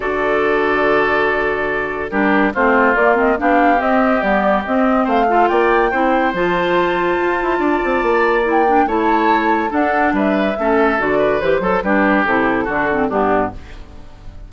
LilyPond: <<
  \new Staff \with { instrumentName = "flute" } { \time 4/4 \tempo 4 = 142 d''1~ | d''4 ais'4 c''4 d''8 dis''8 | f''4 dis''4 d''4 dis''4 | f''4 g''2 a''4~ |
a''1 | g''4 a''2 fis''4 | e''2 d''4 c''4 | b'4 a'2 g'4 | }
  \new Staff \with { instrumentName = "oboe" } { \time 4/4 a'1~ | a'4 g'4 f'2 | g'1 | c''8 a'8 d''4 c''2~ |
c''2 d''2~ | d''4 cis''2 a'4 | b'4 a'4. b'4 a'8 | g'2 fis'4 d'4 | }
  \new Staff \with { instrumentName = "clarinet" } { \time 4/4 fis'1~ | fis'4 d'4 c'4 ais8 c'8 | d'4 c'4 b4 c'4~ | c'8 f'4. e'4 f'4~ |
f'1 | e'8 d'8 e'2 d'4~ | d'4 cis'4 fis'4 g'8 a'8 | d'4 e'4 d'8 c'8 b4 | }
  \new Staff \with { instrumentName = "bassoon" } { \time 4/4 d1~ | d4 g4 a4 ais4 | b4 c'4 g4 c'4 | a4 ais4 c'4 f4~ |
f4 f'8 e'8 d'8 c'8 ais4~ | ais4 a2 d'4 | g4 a4 d4 e8 fis8 | g4 c4 d4 g,4 | }
>>